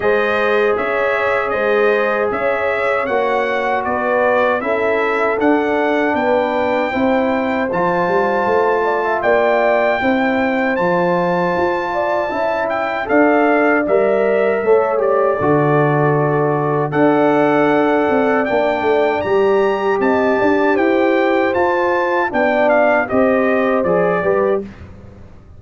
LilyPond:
<<
  \new Staff \with { instrumentName = "trumpet" } { \time 4/4 \tempo 4 = 78 dis''4 e''4 dis''4 e''4 | fis''4 d''4 e''4 fis''4 | g''2 a''2 | g''2 a''2~ |
a''8 g''8 f''4 e''4. d''8~ | d''2 fis''2 | g''4 ais''4 a''4 g''4 | a''4 g''8 f''8 dis''4 d''4 | }
  \new Staff \with { instrumentName = "horn" } { \time 4/4 c''4 cis''4 c''4 cis''4~ | cis''4 b'4 a'2 | b'4 c''2~ c''8 d''16 e''16 | d''4 c''2~ c''8 d''8 |
e''4 d''2 cis''4 | a'2 d''2~ | d''2 dis''8 d''8 c''4~ | c''4 d''4 c''4. b'8 | }
  \new Staff \with { instrumentName = "trombone" } { \time 4/4 gis'1 | fis'2 e'4 d'4~ | d'4 e'4 f'2~ | f'4 e'4 f'2 |
e'4 a'4 ais'4 a'8 g'8 | fis'2 a'2 | d'4 g'2. | f'4 d'4 g'4 gis'8 g'8 | }
  \new Staff \with { instrumentName = "tuba" } { \time 4/4 gis4 cis'4 gis4 cis'4 | ais4 b4 cis'4 d'4 | b4 c'4 f8 g8 a4 | ais4 c'4 f4 f'4 |
cis'4 d'4 g4 a4 | d2 d'4. c'8 | ais8 a8 g4 c'8 d'8 e'4 | f'4 b4 c'4 f8 g8 | }
>>